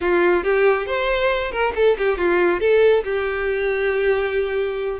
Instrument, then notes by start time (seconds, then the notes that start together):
violin
0.00 F4
0.43 G4
0.86 C5
1.51 A#4
1.75 A4
1.97 G4
2.17 F4
2.60 A4
3.04 G4